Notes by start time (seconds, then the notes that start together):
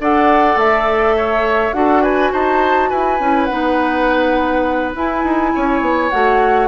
0.00 D4 A4 D5 F#5
0.56 A3 E5
1.17 C#5
1.73 D4 F#4 A4 F#5
2.02 B4 G#5
2.32 D#4 C5 A5
2.90 E4 B4 G#5
3.20 C#4 E4
3.45 B3 D#4 F#5
4.95 E4 G#5
5.24 D#4
5.55 C#4 C#5
5.81 B3
6.10 A3 F#4 F#5